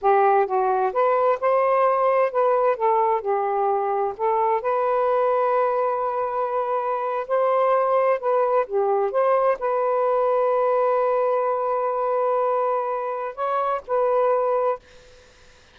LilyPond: \new Staff \with { instrumentName = "saxophone" } { \time 4/4 \tempo 4 = 130 g'4 fis'4 b'4 c''4~ | c''4 b'4 a'4 g'4~ | g'4 a'4 b'2~ | b'2.~ b'8. c''16~ |
c''4.~ c''16 b'4 g'4 c''16~ | c''8. b'2.~ b'16~ | b'1~ | b'4 cis''4 b'2 | }